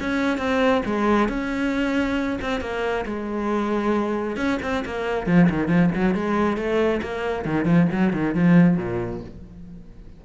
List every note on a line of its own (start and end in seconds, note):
0.00 0.38 C#4
0.38 0.82 C4
0.85 1.28 G#3
1.28 2.39 C#4
2.41 2.60 C4
2.60 3.05 A#3
3.05 4.36 G#3
4.36 4.58 C#4
4.62 4.84 C4
4.85 5.26 A#3
5.26 5.48 F3
5.49 5.68 D#3
5.68 5.90 F3
5.94 6.14 F#3
6.14 6.57 G#3
6.57 7.01 A3
7.02 7.45 A#3
7.45 7.65 D#3
7.65 7.87 F3
7.92 8.13 F#3
8.13 8.34 D#3
8.34 8.77 F3
8.77 9.21 A#2